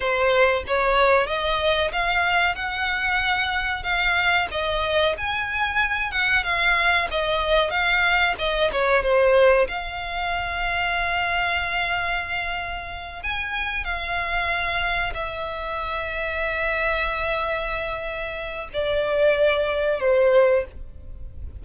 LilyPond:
\new Staff \with { instrumentName = "violin" } { \time 4/4 \tempo 4 = 93 c''4 cis''4 dis''4 f''4 | fis''2 f''4 dis''4 | gis''4. fis''8 f''4 dis''4 | f''4 dis''8 cis''8 c''4 f''4~ |
f''1~ | f''8 gis''4 f''2 e''8~ | e''1~ | e''4 d''2 c''4 | }